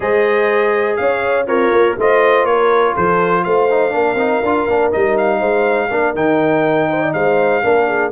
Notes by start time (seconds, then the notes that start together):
0.00 G#3 G#4 C5 D#5
0.96 C#4 C#5 F5
1.46 C4 F4 A#4 C#5
1.71 A#3
1.97 A3 F4 C5 D#5
2.44 A#3 A#4 C#5
2.94 F3 A4 C5
3.44 A3 C5 F5
3.70 D#4
3.91 A#3 D4 A#4
4.14 C4 D#4
4.42 D4 F4
4.67 A#3 D4
4.91 G3 D#4 D#5
5.17 F5
5.38 G#3 C5
5.90 A#3 D4 A#4
6.14 D#3 D#4 G5
6.89 C5
7.01 D5
7.13 G#3 C5 F5
7.62 A#3 D4 A#4
7.86 G#4